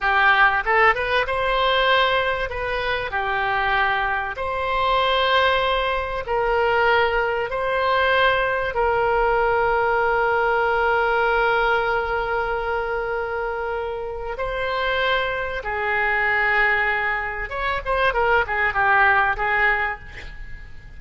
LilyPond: \new Staff \with { instrumentName = "oboe" } { \time 4/4 \tempo 4 = 96 g'4 a'8 b'8 c''2 | b'4 g'2 c''4~ | c''2 ais'2 | c''2 ais'2~ |
ais'1~ | ais'2. c''4~ | c''4 gis'2. | cis''8 c''8 ais'8 gis'8 g'4 gis'4 | }